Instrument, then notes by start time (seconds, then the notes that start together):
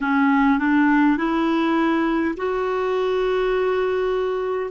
clarinet
0.01 C#4
0.59 D4
1.17 E4
2.36 F#4